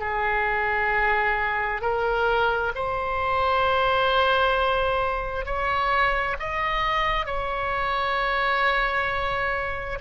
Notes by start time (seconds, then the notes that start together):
0.00 G#4
1.82 A#4
2.75 C5
5.46 C#5
6.40 D#5
7.26 C#5